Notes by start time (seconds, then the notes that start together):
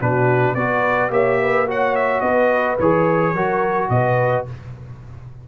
0.00 B2 D4 F#4 B4
0.55 B3 F#4 B4 D5
1.09 A#3 G4 C#5 E5
1.41 B4
1.67 F#4 C#5 F#5
1.95 E5
2.21 B3 B4 D#5
2.79 E3 G#4 C#5
3.33 F#3 F#4 A#4
3.89 B2 B4 D#5